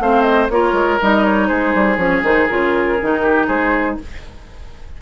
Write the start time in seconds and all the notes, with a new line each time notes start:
0.00 A3 C4 C5 F5
0.22 D#5
0.50 A#3 F4 A#4 C#5
0.73 G#3
1.01 G3 D#4 D#5
1.24 C#5
1.47 G#3 G#4 C5
1.75 G3
1.97 F3 C#4 C#5
2.23 D#3 D#4 C5
2.48 C#3 F4 A#4
3.02 D#3 D#4
3.22 G4
3.47 G#3 G#4 C5